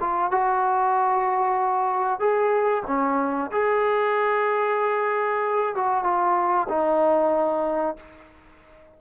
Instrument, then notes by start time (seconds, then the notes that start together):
trombone
0.00 F4
0.31 F#4
2.20 G#4
2.87 C#4
3.52 G#4
5.75 F#4
6.04 F4
6.69 D#4